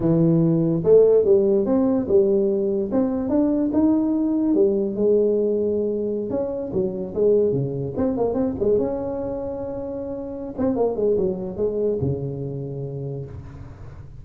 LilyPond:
\new Staff \with { instrumentName = "tuba" } { \time 4/4 \tempo 4 = 145 e2 a4 g4 | c'4 g2 c'4 | d'4 dis'2 g4 | gis2.~ gis16 cis'8.~ |
cis'16 fis4 gis4 cis4 c'8 ais16~ | ais16 c'8 gis8 cis'2~ cis'8.~ | cis'4. c'8 ais8 gis8 fis4 | gis4 cis2. | }